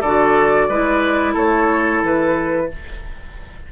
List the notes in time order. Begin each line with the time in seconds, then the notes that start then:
0.00 D3 F#4 A4 D5
0.68 G#3 E4 B4
1.33 A3 A4 C#5
2.02 E3 B4